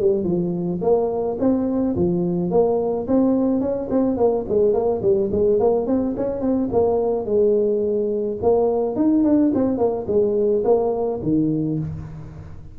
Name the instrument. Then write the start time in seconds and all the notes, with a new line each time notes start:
tuba
0.00 G3
0.24 F3
0.82 A#3
1.40 C4
1.96 F3
2.51 A#3
3.07 C4
3.61 C#4
3.91 C4
4.17 A#3
4.49 G#3
4.74 A#3
5.02 G3
5.32 G#3
5.60 A#3
5.87 C4
6.17 C#4
6.41 C4
6.72 A#3
7.26 G#3
8.42 A#3
8.96 D#4
9.24 D4
9.55 C4
9.78 A#3
10.08 G#3
10.64 A#3
11.23 D#3